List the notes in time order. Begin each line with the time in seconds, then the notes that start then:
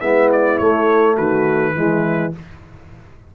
0.00 G#3 B3 E4 E5
0.32 D5
0.58 A3 C#5
1.15 D#3 F#4 B4
1.75 E3 G#3 E4